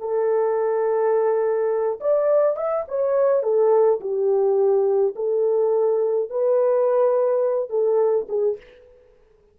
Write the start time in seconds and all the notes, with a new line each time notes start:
0.00 A4
2.01 D5
2.57 E5
2.88 C#5
3.43 A4
4.01 G4
5.16 A4
6.30 B4
7.70 A4
8.29 G#4